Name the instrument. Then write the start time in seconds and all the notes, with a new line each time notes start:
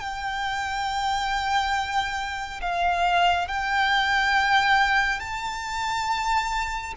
violin
0.00 G5
2.62 F5
3.48 G5
5.20 A5